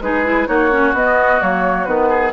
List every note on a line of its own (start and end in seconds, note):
0.00 0.47 G#3
0.00 0.25 D#4
0.00 0.48 G#4
0.00 0.48 B4
0.25 0.47 E4
0.47 0.93 A#3
0.47 0.70 D#4
0.47 2.09 F#4
0.47 0.94 C#5
0.71 0.94 C#4
0.93 1.39 B3
0.93 1.41 B3
0.93 1.41 D#5
1.41 1.87 F#3
1.41 1.87 A#3
1.41 1.84 C#5
1.84 2.33 D#3
1.84 2.33 B3
1.84 2.31 B4
2.09 2.32 G#4